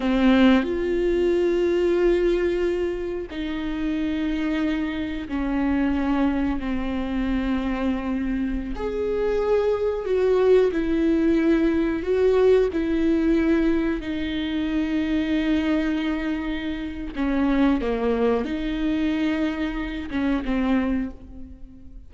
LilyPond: \new Staff \with { instrumentName = "viola" } { \time 4/4 \tempo 4 = 91 c'4 f'2.~ | f'4 dis'2. | cis'2 c'2~ | c'4~ c'16 gis'2 fis'8.~ |
fis'16 e'2 fis'4 e'8.~ | e'4~ e'16 dis'2~ dis'8.~ | dis'2 cis'4 ais4 | dis'2~ dis'8 cis'8 c'4 | }